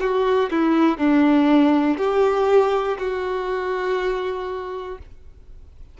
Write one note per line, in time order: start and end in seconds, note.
0.00 0.50 F#4
0.51 0.98 E4
0.98 1.98 D4
1.98 2.98 G4
2.99 4.99 F#4